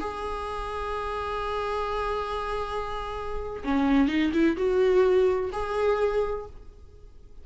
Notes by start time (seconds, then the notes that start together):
0.00 G#4
3.64 C#4
4.08 D#4
4.33 E4
4.57 F#4
5.52 G#4